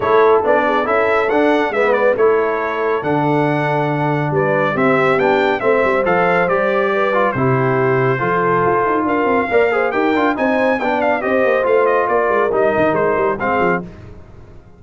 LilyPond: <<
  \new Staff \with { instrumentName = "trumpet" } { \time 4/4 \tempo 4 = 139 cis''4 d''4 e''4 fis''4 | e''8 d''8 cis''2 fis''4~ | fis''2 d''4 e''4 | g''4 e''4 f''4 d''4~ |
d''4 c''2.~ | c''4 f''2 g''4 | gis''4 g''8 f''8 dis''4 f''8 dis''8 | d''4 dis''4 c''4 f''4 | }
  \new Staff \with { instrumentName = "horn" } { \time 4/4 a'4. gis'8 a'2 | b'4 a'2.~ | a'2 b'4 g'4~ | g'4 c''2. |
b'4 g'2 a'4~ | a'4 ais'4 d''8 c''8 ais'4 | c''4 d''4 c''2 | ais'2. gis'4 | }
  \new Staff \with { instrumentName = "trombone" } { \time 4/4 e'4 d'4 e'4 d'4 | b4 e'2 d'4~ | d'2. c'4 | d'4 c'4 a'4 g'4~ |
g'8 f'8 e'2 f'4~ | f'2 ais'8 gis'8 g'8 f'8 | dis'4 d'4 g'4 f'4~ | f'4 dis'2 c'4 | }
  \new Staff \with { instrumentName = "tuba" } { \time 4/4 a4 b4 cis'4 d'4 | gis4 a2 d4~ | d2 g4 c'4 | b4 a8 g8 f4 g4~ |
g4 c2 f4 | f'8 dis'8 d'8 c'8 ais4 dis'8 d'8 | c'4 b4 c'8 ais8 a4 | ais8 gis8 g8 dis8 gis8 g8 gis8 f8 | }
>>